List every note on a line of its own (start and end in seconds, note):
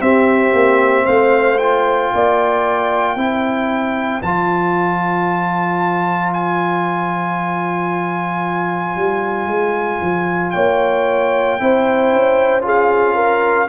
0.00 0.52 C4
0.00 1.58 C4
0.00 1.05 G4
0.00 1.05 E5
0.52 1.05 A#3
1.05 2.12 A3
1.05 2.10 C5
1.05 1.57 F5
1.57 3.16 F4
1.57 4.20 G5
2.13 3.16 A#3
2.13 3.16 D5
3.16 4.21 C4
3.16 4.22 E4
3.16 10.53 C5
4.21 8.95 F3
4.21 11.59 F4
4.21 6.32 A5
6.33 10.50 G#5
8.95 9.46 G3
9.46 9.99 G#3
10.01 10.53 F3
10.50 11.60 A#3
10.50 11.59 C#5
10.50 12.61 G5
11.59 12.12 C4
11.59 12.61 E4
11.59 12.65 C5
12.12 13.68 C#4
12.61 13.66 F4
12.61 13.14 G#4
12.67 13.68 F5
13.14 13.67 A#4